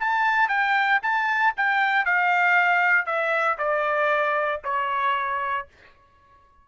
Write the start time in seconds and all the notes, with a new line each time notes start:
0.00 A5
0.48 G5
1.02 A5
1.57 G5
2.05 F5
3.06 E5
3.58 D5
4.64 C#5